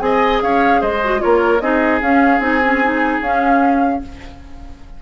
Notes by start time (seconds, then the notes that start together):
0.00 C4 G#4 D#5 G#5
0.42 C#4 C#5 F5
0.81 G#3 C5 D#5
1.04 F#4
1.19 F4 A#4 C#5
1.25 A#3
1.60 C4 D#4 G#4 D#5
2.01 C#4 F5
2.39 C4 D#4 G#5
2.64 C#4
2.83 D#4
3.22 C#4 F5